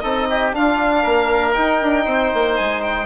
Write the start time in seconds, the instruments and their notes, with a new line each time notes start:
0.00 bassoon C4, trombone D#4, oboe A4, violin D#5
0.29 oboe G4
0.52 trombone D4, bassoon D4, oboe F4, violin F5
1.02 bassoon A#3, oboe A#4
1.53 trombone D#4, bassoon D#4, violin G5
1.82 bassoon D4
2.04 bassoon C4, oboe C5
2.33 bassoon A#3
2.56 bassoon G#3, violin G#5
2.81 violin G5